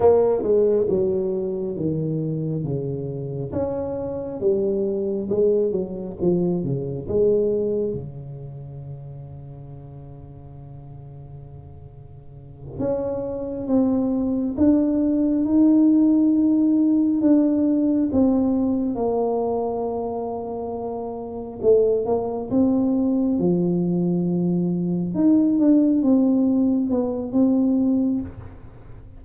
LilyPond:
\new Staff \with { instrumentName = "tuba" } { \time 4/4 \tempo 4 = 68 ais8 gis8 fis4 dis4 cis4 | cis'4 g4 gis8 fis8 f8 cis8 | gis4 cis2.~ | cis2~ cis8 cis'4 c'8~ |
c'8 d'4 dis'2 d'8~ | d'8 c'4 ais2~ ais8~ | ais8 a8 ais8 c'4 f4.~ | f8 dis'8 d'8 c'4 b8 c'4 | }